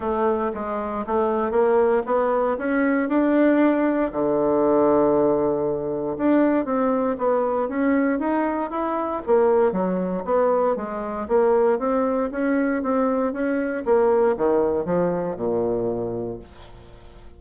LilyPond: \new Staff \with { instrumentName = "bassoon" } { \time 4/4 \tempo 4 = 117 a4 gis4 a4 ais4 | b4 cis'4 d'2 | d1 | d'4 c'4 b4 cis'4 |
dis'4 e'4 ais4 fis4 | b4 gis4 ais4 c'4 | cis'4 c'4 cis'4 ais4 | dis4 f4 ais,2 | }